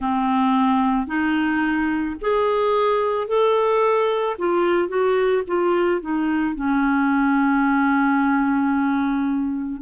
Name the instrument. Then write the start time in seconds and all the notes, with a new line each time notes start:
clarinet
0.00 C4
1.07 D#4
2.21 G#4
3.27 A4
4.38 F4
4.88 F#4
5.47 F4
6.00 D#4
6.55 C#4